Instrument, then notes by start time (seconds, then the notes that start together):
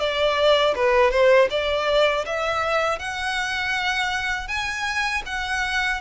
violin
0.00 D5
0.76 B4
1.11 C5
1.50 D5
2.26 E5
2.99 F#5
4.48 G#5
5.26 F#5